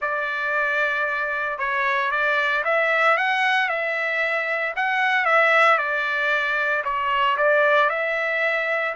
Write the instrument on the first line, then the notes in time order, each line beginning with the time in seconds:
trumpet
0.01 D5
1.58 C#5
2.11 D5
2.64 E5
3.17 F#5
3.68 E5
4.76 F#5
5.25 E5
5.78 D5
6.84 C#5
7.37 D5
7.89 E5